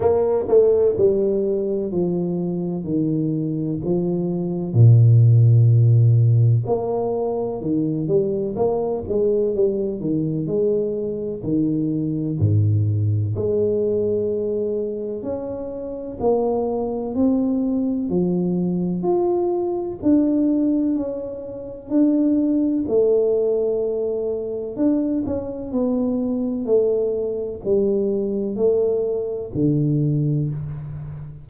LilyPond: \new Staff \with { instrumentName = "tuba" } { \time 4/4 \tempo 4 = 63 ais8 a8 g4 f4 dis4 | f4 ais,2 ais4 | dis8 g8 ais8 gis8 g8 dis8 gis4 | dis4 gis,4 gis2 |
cis'4 ais4 c'4 f4 | f'4 d'4 cis'4 d'4 | a2 d'8 cis'8 b4 | a4 g4 a4 d4 | }